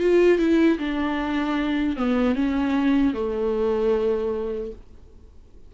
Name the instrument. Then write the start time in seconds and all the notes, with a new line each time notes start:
viola
0.00 F4
0.39 E4
0.79 D4
1.97 B3
2.36 C#4
3.14 A3